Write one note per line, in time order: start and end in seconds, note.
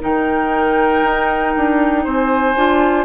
0.00 1.03 D#3
0.00 2.54 D#4
0.00 2.03 A#4
0.00 2.06 G5
1.03 1.54 D#4
1.56 2.05 D4
2.03 2.55 C4
2.03 3.05 C5
2.03 3.05 G#5
2.55 3.05 D4
2.55 3.05 F4